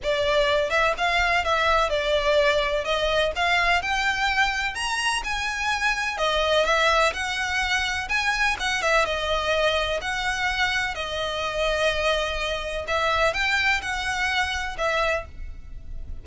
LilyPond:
\new Staff \with { instrumentName = "violin" } { \time 4/4 \tempo 4 = 126 d''4. e''8 f''4 e''4 | d''2 dis''4 f''4 | g''2 ais''4 gis''4~ | gis''4 dis''4 e''4 fis''4~ |
fis''4 gis''4 fis''8 e''8 dis''4~ | dis''4 fis''2 dis''4~ | dis''2. e''4 | g''4 fis''2 e''4 | }